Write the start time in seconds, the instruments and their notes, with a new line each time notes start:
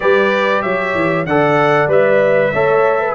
0.00 tuba G3, trombone G4, horn B4, trumpet D5
0.61 tuba F#3, horn C#5, trumpet E5
0.94 tuba E3
1.26 tuba D3, trombone A4, horn D5, trumpet F#5
1.87 tuba G3, trombone B4, trumpet E5
2.53 tuba A3, trombone A4, horn C#5
3.00 horn B4